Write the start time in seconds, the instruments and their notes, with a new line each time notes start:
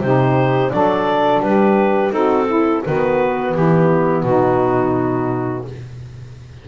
0.00 double bass C3, saxophone D#4 G4, clarinet C5
0.71 double bass F#3, saxophone D4 A4, clarinet D5
1.40 double bass G3, saxophone G4, clarinet B4
2.10 double bass C4, saxophone D#4 F#4, clarinet A4
2.47 saxophone E4
2.84 double bass D#3, saxophone B3 F#4, clarinet B4
3.54 double bass E3, saxophone E4, clarinet G4
4.23 double bass B2, saxophone D#4, clarinet F#4